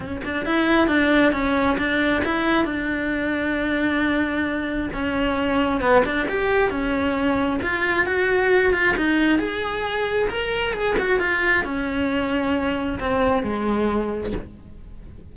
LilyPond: \new Staff \with { instrumentName = "cello" } { \time 4/4 \tempo 4 = 134 cis'8 d'8 e'4 d'4 cis'4 | d'4 e'4 d'2~ | d'2. cis'4~ | cis'4 b8 d'8 g'4 cis'4~ |
cis'4 f'4 fis'4. f'8 | dis'4 gis'2 ais'4 | gis'8 fis'8 f'4 cis'2~ | cis'4 c'4 gis2 | }